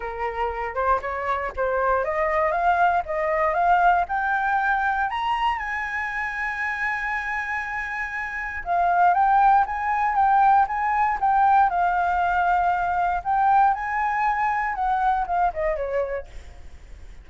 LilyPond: \new Staff \with { instrumentName = "flute" } { \time 4/4 \tempo 4 = 118 ais'4. c''8 cis''4 c''4 | dis''4 f''4 dis''4 f''4 | g''2 ais''4 gis''4~ | gis''1~ |
gis''4 f''4 g''4 gis''4 | g''4 gis''4 g''4 f''4~ | f''2 g''4 gis''4~ | gis''4 fis''4 f''8 dis''8 cis''4 | }